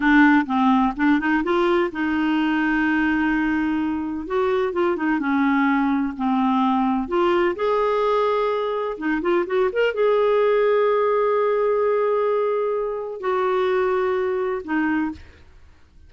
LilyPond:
\new Staff \with { instrumentName = "clarinet" } { \time 4/4 \tempo 4 = 127 d'4 c'4 d'8 dis'8 f'4 | dis'1~ | dis'4 fis'4 f'8 dis'8 cis'4~ | cis'4 c'2 f'4 |
gis'2. dis'8 f'8 | fis'8 ais'8 gis'2.~ | gis'1 | fis'2. dis'4 | }